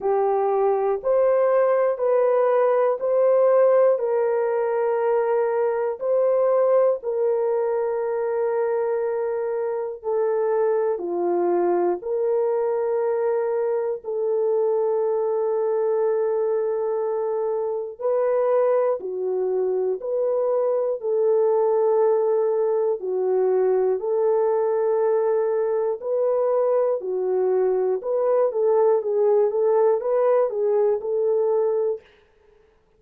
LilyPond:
\new Staff \with { instrumentName = "horn" } { \time 4/4 \tempo 4 = 60 g'4 c''4 b'4 c''4 | ais'2 c''4 ais'4~ | ais'2 a'4 f'4 | ais'2 a'2~ |
a'2 b'4 fis'4 | b'4 a'2 fis'4 | a'2 b'4 fis'4 | b'8 a'8 gis'8 a'8 b'8 gis'8 a'4 | }